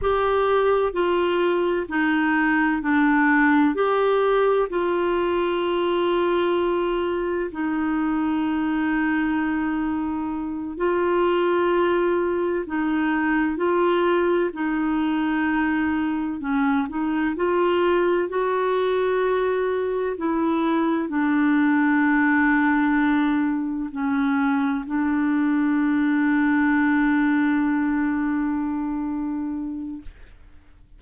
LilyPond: \new Staff \with { instrumentName = "clarinet" } { \time 4/4 \tempo 4 = 64 g'4 f'4 dis'4 d'4 | g'4 f'2. | dis'2.~ dis'8 f'8~ | f'4. dis'4 f'4 dis'8~ |
dis'4. cis'8 dis'8 f'4 fis'8~ | fis'4. e'4 d'4.~ | d'4. cis'4 d'4.~ | d'1 | }